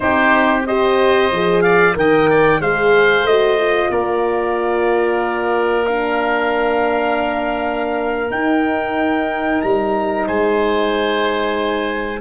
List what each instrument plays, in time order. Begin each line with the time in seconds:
0.00 tuba C4, horn D#4, oboe G4, trumpet C5
0.66 horn G4, oboe C5, trumpet D#5
1.31 tuba F3, horn G#4
1.61 oboe D5, trumpet F5
1.94 tuba D#3, horn A#4, oboe D#5, trumpet G5
2.30 oboe D5
2.59 tuba G#3, horn G#4, oboe C5, trumpet F5
3.23 tuba A3, horn F#4, trumpet D#5
3.58 horn F4
3.90 tuba A#3, oboe A#4, trumpet D5
5.86 horn D4, trumpet F5
8.30 tuba D#4, horn D#4, trumpet G5
9.61 tuba G3, trumpet A#5
10.26 tuba G#3, oboe C5, trumpet G#5